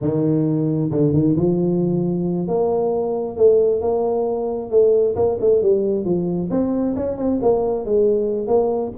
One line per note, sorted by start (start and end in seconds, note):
0.01 0.90 D#3
0.91 1.13 D3
1.13 1.35 D#3
1.36 2.47 F3
2.47 3.36 A#3
3.36 3.81 A3
3.81 4.70 A#3
4.70 5.15 A3
5.15 5.37 A#3
5.40 5.62 A3
5.62 6.04 G3
6.04 6.49 F3
6.50 6.95 C4
6.95 7.17 C#4
7.17 7.39 C4
7.41 7.85 A#3
7.85 8.47 G#3
8.47 8.91 A#3